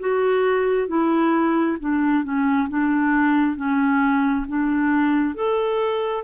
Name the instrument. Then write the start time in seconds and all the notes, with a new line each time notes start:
clarinet
0.00 F#4
0.88 E4
1.80 D4
2.24 C#4
2.69 D4
3.57 C#4
4.48 D4
5.35 A4